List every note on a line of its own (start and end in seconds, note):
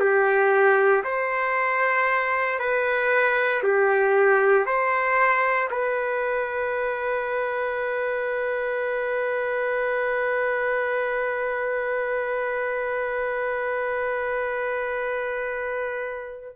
0.00 1.03 G4
1.04 2.59 C5
2.59 3.63 B4
3.63 4.66 G4
4.66 5.69 C5
5.71 16.56 B4